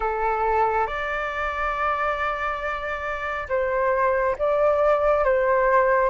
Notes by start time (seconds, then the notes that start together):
0.00 A4
0.87 D5
3.49 C5
4.38 D5
5.24 C5